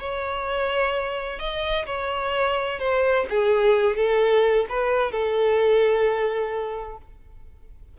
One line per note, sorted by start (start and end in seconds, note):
0.00 1.40 C#5
1.40 1.86 D#5
1.86 2.79 C#5
2.80 3.26 C5
3.30 3.97 G#4
3.97 4.66 A4
4.70 5.12 B4
5.12 6.98 A4